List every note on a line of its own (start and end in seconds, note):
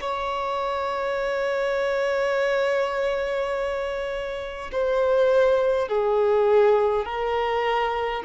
0.00 4.71 C#5
4.72 5.88 C5
5.88 7.05 G#4
7.05 8.23 A#4